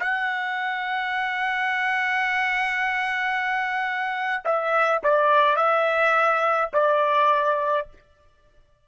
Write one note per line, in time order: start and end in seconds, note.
0.00 4.43 F#5
4.45 5.02 E5
5.03 5.56 D5
5.56 6.70 E5
6.73 7.87 D5